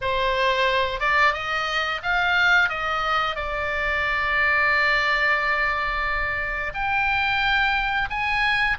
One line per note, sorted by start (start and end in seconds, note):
0.01 0.99 C5
0.99 1.33 D5
1.33 2.01 D#5
2.03 2.69 F5
2.69 3.35 D#5
3.35 6.72 D5
6.74 8.09 G5
8.09 8.77 G#5